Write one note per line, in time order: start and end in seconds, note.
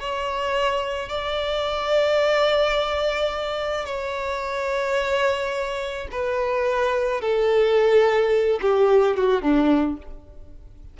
0.00 1.09 C#5
1.09 3.85 D5
3.85 6.08 C#5
6.12 7.21 B4
7.21 8.60 A4
8.62 9.16 G4
9.16 9.42 F#4
9.42 9.97 D4